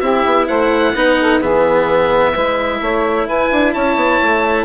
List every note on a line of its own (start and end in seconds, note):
0.00 0.25 C4
0.00 0.95 E4
0.00 0.48 G4
0.00 0.47 E5
0.25 0.48 B3
0.48 0.95 A3
0.48 0.94 C5
0.48 1.41 F#5
0.95 1.41 B3
0.95 1.41 D#4
0.95 1.20 B4
1.20 1.41 A4
1.41 2.36 E3
1.41 2.34 B3
1.41 2.33 G#4
1.41 3.28 E5
2.33 2.81 G#3
2.33 4.65 E4
2.33 2.79 B4
2.81 3.27 A3
2.81 3.27 C#5
3.27 3.50 E4
3.27 3.73 B4
3.27 3.73 G#5
3.52 3.75 D4
3.73 3.96 C#4
3.73 4.65 C#5
3.73 4.65 A5
3.96 4.19 B3
4.23 4.65 A3